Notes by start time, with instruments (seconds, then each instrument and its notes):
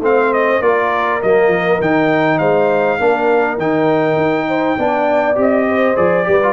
0.00 tuba A3, trombone C4, horn C5, trumpet F5
0.33 trumpet D#5
0.61 tuba A#3, trombone F4, horn A#4, trumpet D5
1.22 tuba F#3, trombone A#3, trumpet D#5
1.47 tuba F3
1.80 tuba D#3, trombone D#4, trumpet G5
2.39 tuba G#3, horn C5, trumpet F5
2.98 tuba A#3, trombone D4, horn A#4
3.57 tuba D#3, trombone D#4, trumpet G5
4.16 tuba D#4
4.48 horn C5
4.78 tuba B3, trombone D4, horn D5
5.35 tuba C4, trombone G4
5.41 trumpet D#5
5.68 horn C5
5.96 tuba F3, trombone G#4, trumpet D5
6.24 tuba G3, trombone G4, horn B4
6.43 trombone F4